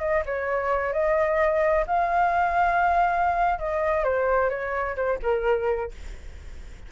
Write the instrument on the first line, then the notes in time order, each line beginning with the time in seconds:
flute
0.00 D#5
0.26 C#5
0.93 D#5
1.87 F5
3.59 D#5
4.04 C5
4.50 C#5
4.96 C5
5.23 A#4